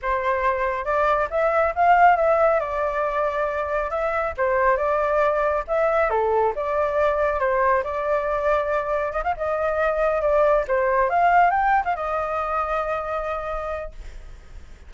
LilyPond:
\new Staff \with { instrumentName = "flute" } { \time 4/4 \tempo 4 = 138 c''2 d''4 e''4 | f''4 e''4 d''2~ | d''4 e''4 c''4 d''4~ | d''4 e''4 a'4 d''4~ |
d''4 c''4 d''2~ | d''4 dis''16 f''16 dis''2 d''8~ | d''8 c''4 f''4 g''8. f''16 dis''8~ | dis''1 | }